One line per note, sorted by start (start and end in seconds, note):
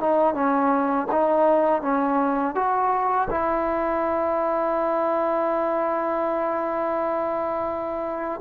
0.00 0.34 D#4
0.34 1.07 C#4
1.11 1.82 D#4
1.82 2.54 C#4
2.54 3.28 F#4
3.30 8.40 E4